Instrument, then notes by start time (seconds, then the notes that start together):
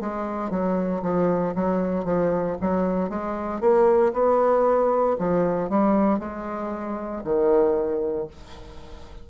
bassoon
0.00 G#3
0.50 F#3
1.02 F3
1.55 F#3
2.05 F3
2.61 F#3
3.09 G#3
3.61 A#3
4.13 B3
5.18 F3
5.69 G3
6.19 G#3
7.24 D#3